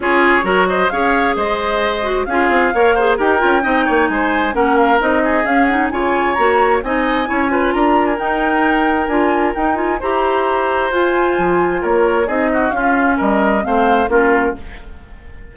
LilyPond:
<<
  \new Staff \with { instrumentName = "flute" } { \time 4/4 \tempo 4 = 132 cis''4. dis''8 f''4 dis''4~ | dis''4 f''2 g''4~ | g''4 gis''4 fis''8 f''8 dis''4 | f''8 fis''8 gis''4 ais''4 gis''4~ |
gis''4 ais''8. gis''16 g''2 | gis''4 g''8 gis''8 ais''2 | gis''2 cis''4 dis''4 | f''4 dis''4 f''4 ais'4 | }
  \new Staff \with { instrumentName = "oboe" } { \time 4/4 gis'4 ais'8 c''8 cis''4 c''4~ | c''4 gis'4 cis''8 c''8 ais'4 | dis''8 cis''8 c''4 ais'4. gis'8~ | gis'4 cis''2 dis''4 |
cis''8 b'8 ais'2.~ | ais'2 c''2~ | c''2 ais'4 gis'8 fis'8 | f'4 ais'4 c''4 f'4 | }
  \new Staff \with { instrumentName = "clarinet" } { \time 4/4 f'4 fis'4 gis'2~ | gis'8 fis'8 f'4 ais'8 gis'8 g'8 f'8 | dis'2 cis'4 dis'4 | cis'8 dis'8 f'4 fis'4 dis'4 |
e'8 f'4. dis'2 | f'4 dis'8 f'8 g'2 | f'2. dis'4 | cis'2 c'4 cis'4 | }
  \new Staff \with { instrumentName = "bassoon" } { \time 4/4 cis'4 fis4 cis'4 gis4~ | gis4 cis'8 c'8 ais4 dis'8 cis'8 | c'8 ais8 gis4 ais4 c'4 | cis'4 cis4 ais4 c'4 |
cis'4 d'4 dis'2 | d'4 dis'4 e'2 | f'4 f4 ais4 c'4 | cis'4 g4 a4 ais4 | }
>>